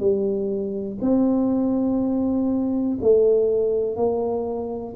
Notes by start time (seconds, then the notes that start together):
0.00 G3
1.02 C4
3.02 A3
3.97 A#3